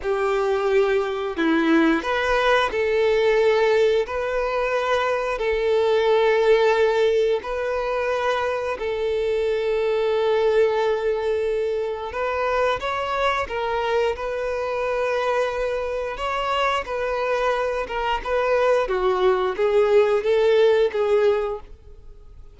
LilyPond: \new Staff \with { instrumentName = "violin" } { \time 4/4 \tempo 4 = 89 g'2 e'4 b'4 | a'2 b'2 | a'2. b'4~ | b'4 a'2.~ |
a'2 b'4 cis''4 | ais'4 b'2. | cis''4 b'4. ais'8 b'4 | fis'4 gis'4 a'4 gis'4 | }